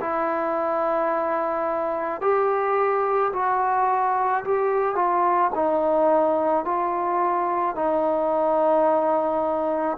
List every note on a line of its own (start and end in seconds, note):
0.00 2.21 E4
2.21 3.32 G4
3.32 4.43 F#4
4.44 4.95 G4
4.95 5.51 F4
5.55 6.65 D#4
6.65 7.75 F4
7.75 9.97 D#4